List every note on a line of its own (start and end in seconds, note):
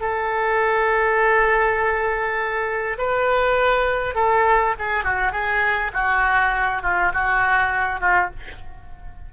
0.00 2.97 A4
2.98 4.14 B4
4.14 4.74 A4
4.78 5.04 G#4
5.04 5.32 F#4
5.32 5.91 G#4
5.93 6.82 F#4
6.82 7.12 F4
7.13 8.00 F#4
8.00 8.30 F4